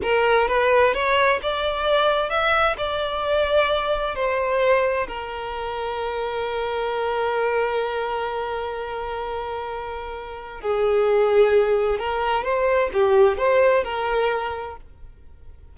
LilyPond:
\new Staff \with { instrumentName = "violin" } { \time 4/4 \tempo 4 = 130 ais'4 b'4 cis''4 d''4~ | d''4 e''4 d''2~ | d''4 c''2 ais'4~ | ais'1~ |
ais'1~ | ais'2. gis'4~ | gis'2 ais'4 c''4 | g'4 c''4 ais'2 | }